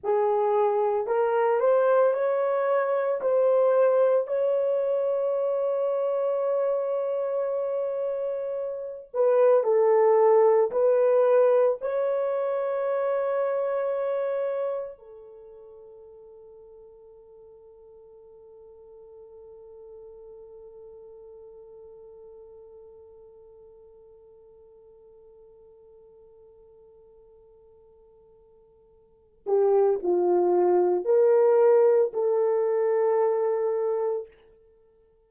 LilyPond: \new Staff \with { instrumentName = "horn" } { \time 4/4 \tempo 4 = 56 gis'4 ais'8 c''8 cis''4 c''4 | cis''1~ | cis''8 b'8 a'4 b'4 cis''4~ | cis''2 a'2~ |
a'1~ | a'1~ | a'2.~ a'8 g'8 | f'4 ais'4 a'2 | }